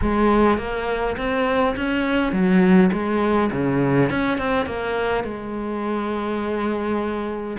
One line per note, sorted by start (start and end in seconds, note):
0.01 0.58 G#3
0.58 1.16 A#3
1.17 1.75 C4
1.76 2.32 C#4
2.32 2.90 F#3
2.92 3.50 G#3
3.51 4.09 C#3
4.09 4.37 C#4
4.37 4.66 C4
4.66 5.24 A#3
5.24 7.57 G#3